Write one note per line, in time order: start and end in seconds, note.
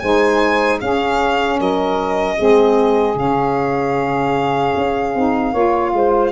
0.00 0.82 G#3
0.00 0.81 D#4
0.00 0.80 C5
0.00 0.79 G#5
0.80 2.37 C#4
0.80 1.60 C#4
0.80 1.59 G#4
0.80 1.60 F5
1.59 2.39 F#3
1.59 2.36 A#4
1.59 3.19 D#5
2.36 3.15 G#3
2.36 3.16 C4
2.36 5.52 G#4
3.15 4.73 C#3
3.15 5.13 C#4
3.15 6.32 F5
4.77 5.15 C#4
5.15 5.54 C4
5.15 5.54 D#4
5.52 5.93 A#3
5.52 6.32 F4
5.52 5.92 C#5
5.93 6.32 G#3
5.93 6.32 C5